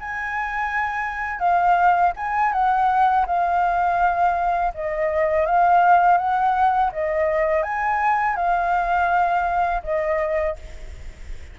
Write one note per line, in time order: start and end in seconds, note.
0.00 1.39 G#5
1.39 2.12 F5
2.16 2.52 G#5
2.52 3.26 F#5
3.26 4.73 F5
4.74 5.46 D#5
5.46 6.17 F5
6.17 6.90 F#5
6.92 7.63 D#5
7.63 8.36 G#5
8.36 9.82 F5
9.83 10.56 D#5